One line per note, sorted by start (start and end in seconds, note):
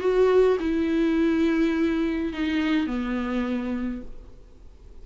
0.00 0.58 F#4
0.60 2.33 E4
2.33 2.87 D#4
2.87 4.02 B3